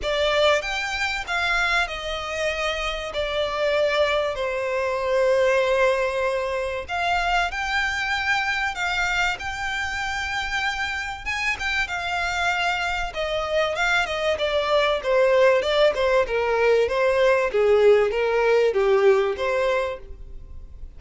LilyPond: \new Staff \with { instrumentName = "violin" } { \time 4/4 \tempo 4 = 96 d''4 g''4 f''4 dis''4~ | dis''4 d''2 c''4~ | c''2. f''4 | g''2 f''4 g''4~ |
g''2 gis''8 g''8 f''4~ | f''4 dis''4 f''8 dis''8 d''4 | c''4 d''8 c''8 ais'4 c''4 | gis'4 ais'4 g'4 c''4 | }